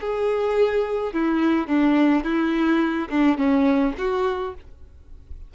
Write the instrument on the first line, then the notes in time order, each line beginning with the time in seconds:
violin
0.00 G#4
1.13 E4
1.67 D4
2.23 E4
3.09 D4
3.37 C#4
3.98 F#4